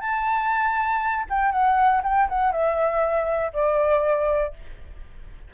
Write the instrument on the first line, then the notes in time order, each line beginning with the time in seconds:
flute
0.00 A5
1.29 G5
1.51 F#5
2.03 G5
2.29 F#5
2.52 E5
3.53 D5